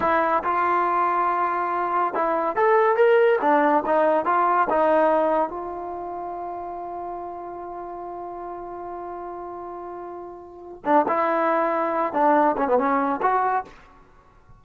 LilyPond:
\new Staff \with { instrumentName = "trombone" } { \time 4/4 \tempo 4 = 141 e'4 f'2.~ | f'4 e'4 a'4 ais'4 | d'4 dis'4 f'4 dis'4~ | dis'4 f'2.~ |
f'1~ | f'1~ | f'4. d'8 e'2~ | e'8 d'4 cis'16 b16 cis'4 fis'4 | }